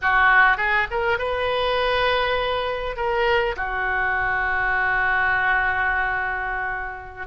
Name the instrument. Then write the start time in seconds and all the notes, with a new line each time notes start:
oboe
0.01 F#4
0.57 G#4
0.91 A#4
1.18 B4
2.96 A#4
3.56 F#4